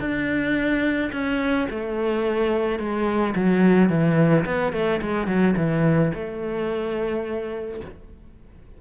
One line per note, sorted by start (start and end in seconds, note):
0.00 1.11 D4
1.12 1.68 C#4
1.70 2.79 A3
2.79 3.35 G#3
3.35 3.89 F#3
3.89 4.45 E3
4.45 4.73 B3
4.73 5.01 A3
5.02 5.27 G#3
5.27 5.55 F#3
5.57 6.12 E3
6.14 7.81 A3